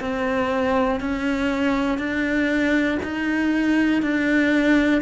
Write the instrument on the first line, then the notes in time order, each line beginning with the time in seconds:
cello
0.00 C4
1.00 C#4
1.98 D4
3.03 D#4
4.02 D4